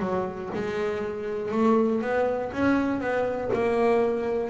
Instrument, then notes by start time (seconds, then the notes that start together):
double bass
0.00 F#3
0.55 G#3
1.52 A3
2.02 B3
2.53 C#4
3.00 B3
3.54 A#3